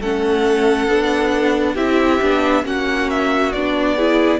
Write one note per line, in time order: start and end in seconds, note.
0.00 0.87 A3
0.00 0.89 C#4
0.00 1.73 A4
0.00 1.76 F#5
0.87 1.76 B3
0.87 1.76 D4
1.73 2.20 C4
1.73 2.20 E4
1.73 2.62 G4
1.73 2.64 E5
2.22 2.65 B3
2.22 2.63 D4
2.63 3.53 A#3
2.63 3.52 C#4
2.63 3.95 F#4
2.63 3.10 F#5
3.10 3.52 E5
3.52 4.40 B3
3.52 3.98 D4
3.52 4.40 D5
3.95 4.40 E4
3.95 4.39 G#4